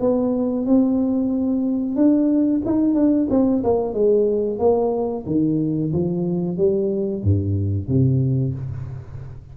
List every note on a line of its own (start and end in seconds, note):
0.00 0.66 B3
0.66 1.96 C4
1.96 2.62 D4
2.66 2.95 D#4
2.95 3.28 D4
3.30 3.63 C4
3.64 3.94 A#3
3.94 4.59 G#3
4.59 5.25 A#3
5.26 5.92 D#3
5.93 6.57 F3
6.57 7.23 G3
7.23 7.89 G2
7.89 8.54 C3